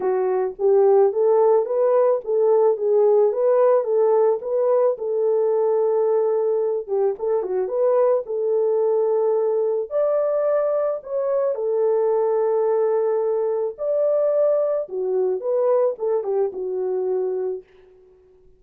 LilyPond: \new Staff \with { instrumentName = "horn" } { \time 4/4 \tempo 4 = 109 fis'4 g'4 a'4 b'4 | a'4 gis'4 b'4 a'4 | b'4 a'2.~ | a'8 g'8 a'8 fis'8 b'4 a'4~ |
a'2 d''2 | cis''4 a'2.~ | a'4 d''2 fis'4 | b'4 a'8 g'8 fis'2 | }